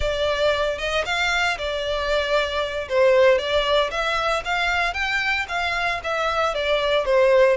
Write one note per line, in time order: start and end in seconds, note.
0.00 0.78 D5
0.78 1.04 D#5
1.05 1.57 F5
1.58 2.88 D5
2.88 3.38 C5
3.38 3.90 D5
3.90 4.42 E5
4.44 4.93 F5
4.93 5.45 G5
5.48 6.00 F5
6.03 6.54 E5
6.54 7.05 D5
7.05 7.57 C5